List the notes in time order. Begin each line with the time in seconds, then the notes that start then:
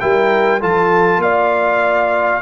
0.00 G3 E4 A#4 G5
0.60 F3 F4 A4 A5
1.18 A#3 D5 F5